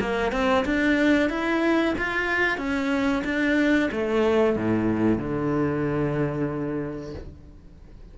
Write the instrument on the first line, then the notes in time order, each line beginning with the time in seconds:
cello
0.00 A#3
0.32 C4
0.65 D4
1.29 E4
1.98 F4
2.57 C#4
3.24 D4
3.91 A3
4.56 A2
5.18 D3